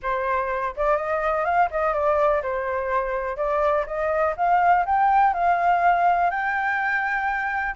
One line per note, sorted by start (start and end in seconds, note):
0.02 0.75 C5
0.76 0.97 D5
0.97 1.45 D#5
1.45 1.69 F5
1.71 1.93 D#5
1.93 2.41 D5
2.42 3.36 C5
3.36 3.85 D5
3.86 4.35 D#5
4.36 4.85 F5
4.85 5.33 G5
5.33 6.30 F5
6.30 7.75 G5